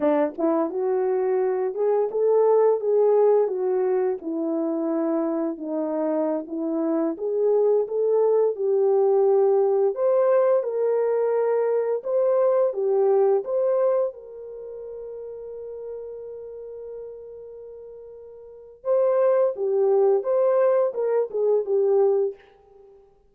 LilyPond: \new Staff \with { instrumentName = "horn" } { \time 4/4 \tempo 4 = 86 d'8 e'8 fis'4. gis'8 a'4 | gis'4 fis'4 e'2 | dis'4~ dis'16 e'4 gis'4 a'8.~ | a'16 g'2 c''4 ais'8.~ |
ais'4~ ais'16 c''4 g'4 c''8.~ | c''16 ais'2.~ ais'8.~ | ais'2. c''4 | g'4 c''4 ais'8 gis'8 g'4 | }